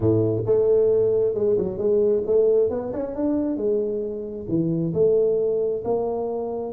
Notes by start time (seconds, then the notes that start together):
0.00 A2
0.46 A3
1.34 G#3
1.57 F#3
1.78 G#3
2.26 A3
2.69 B3
2.93 C#4
3.15 D4
3.56 G#3
4.48 E3
4.93 A3
5.84 A#3